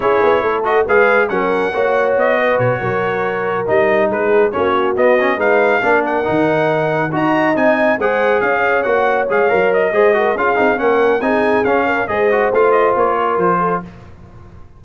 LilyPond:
<<
  \new Staff \with { instrumentName = "trumpet" } { \time 4/4 \tempo 4 = 139 cis''4. dis''8 f''4 fis''4~ | fis''4 dis''4 cis''2~ | cis''8 dis''4 b'4 cis''4 dis''8~ | dis''8 f''4. fis''2~ |
fis''8 ais''4 gis''4 fis''4 f''8~ | f''8 fis''4 f''4 dis''4. | f''4 fis''4 gis''4 f''4 | dis''4 f''8 dis''8 cis''4 c''4 | }
  \new Staff \with { instrumentName = "horn" } { \time 4/4 gis'4 a'4 b'4 ais'4 | cis''4. b'4 ais'4.~ | ais'4. gis'4 fis'4.~ | fis'8 b'4 ais'2~ ais'8~ |
ais'8 dis''2 c''4 cis''8~ | cis''2. c''8 ais'8 | gis'4 ais'4 gis'4. ais'8 | c''2~ c''8 ais'4 a'8 | }
  \new Staff \with { instrumentName = "trombone" } { \time 4/4 e'4. fis'8 gis'4 cis'4 | fis'1~ | fis'8 dis'2 cis'4 b8 | cis'8 dis'4 d'4 dis'4.~ |
dis'8 fis'4 dis'4 gis'4.~ | gis'8 fis'4 gis'8 ais'4 gis'8 fis'8 | f'8 dis'8 cis'4 dis'4 cis'4 | gis'8 fis'8 f'2. | }
  \new Staff \with { instrumentName = "tuba" } { \time 4/4 cis'8 b8 a4 gis4 fis4 | ais4 b4 b,8 fis4.~ | fis8 g4 gis4 ais4 b8~ | b8 gis4 ais4 dis4.~ |
dis8 dis'4 c'4 gis4 cis'8~ | cis'8 ais4 gis8 fis4 gis4 | cis'8 c'8 ais4 c'4 cis'4 | gis4 a4 ais4 f4 | }
>>